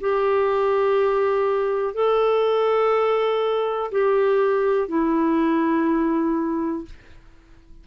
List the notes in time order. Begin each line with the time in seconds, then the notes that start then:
0.00 G4
1.94 A4
3.91 G4
4.88 E4